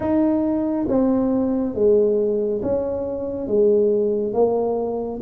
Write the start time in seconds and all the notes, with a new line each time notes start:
0.00 D#4
0.88 C4
1.74 G#3
2.62 C#4
3.47 G#3
4.33 A#3